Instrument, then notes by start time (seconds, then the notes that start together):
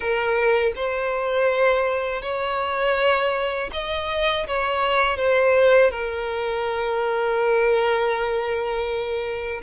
violin
0.00 A#4
0.75 C5
2.22 C#5
3.72 D#5
4.47 C#5
5.17 C5
5.91 A#4